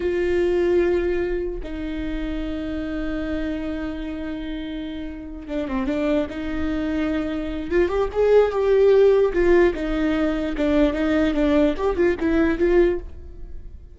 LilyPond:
\new Staff \with { instrumentName = "viola" } { \time 4/4 \tempo 4 = 148 f'1 | dis'1~ | dis'1~ | dis'4. d'8 c'8 d'4 dis'8~ |
dis'2. f'8 g'8 | gis'4 g'2 f'4 | dis'2 d'4 dis'4 | d'4 g'8 f'8 e'4 f'4 | }